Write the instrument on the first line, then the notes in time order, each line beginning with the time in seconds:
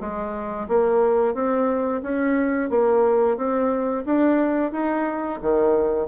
bassoon
0.00 G#3
0.68 A#3
1.34 C4
2.03 C#4
2.70 A#3
3.37 C4
4.05 D4
4.72 D#4
5.42 D#3